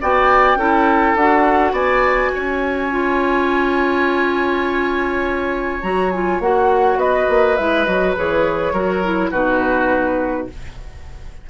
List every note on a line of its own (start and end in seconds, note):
0.00 0.55 B3
0.00 0.58 F#4
0.00 0.58 D5
0.00 1.15 G5
0.55 1.13 C#4
0.55 1.16 E4
0.55 1.72 A4
1.15 1.72 D4
1.15 2.91 F#4
1.15 1.74 F#5
1.72 2.30 B3
1.72 2.31 D5
1.72 5.82 G#5
2.34 5.82 C#4
2.34 6.99 C#5
2.91 5.82 F4
5.82 6.39 F#3
5.82 6.12 F#4
5.82 6.10 A#5
6.10 6.42 F4
6.10 6.39 G#5
6.39 6.96 A#3
6.39 7.57 F#4
6.39 6.99 F#5
6.96 7.25 B3
6.96 8.73 B4
6.96 7.56 D#5
7.29 7.58 A#3
7.56 7.86 G#3
7.56 7.86 E4
7.56 7.84 E5
7.84 8.16 F#3
7.84 8.15 F#4
7.84 8.13 D#5
8.15 8.72 E3
8.15 8.74 G#4
8.15 9.30 C#5
8.72 9.30 F#3
8.72 9.03 F#4
8.72 9.30 A#4
9.03 9.32 E4
9.30 10.48 B2
9.30 10.49 D#4
9.30 10.47 F#4
9.30 10.47 B4